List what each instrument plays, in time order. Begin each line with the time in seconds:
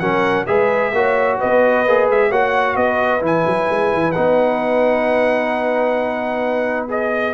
0.00 tuba F#3, trombone C#4, horn A#4, trumpet F#5
0.47 tuba G#3, trombone G#4, horn B4, trumpet E5
0.93 tuba A#3, trombone F#4, horn C#5
1.38 tuba B3, horn B4, trumpet D#5
1.87 tuba A#3, trombone G#4
2.10 tuba G#3, trumpet E5
2.30 tuba A#3, trombone F#4, horn C#5, trumpet F#5
2.76 tuba B3, horn B4, trumpet D#5
3.21 tuba E3, trombone E4, trumpet G#5
3.47 tuba F#3
3.70 tuba G#3
3.94 tuba E3
4.12 tuba B3, trombone D#4, trumpet F#5
6.89 trombone G#4, trumpet D#5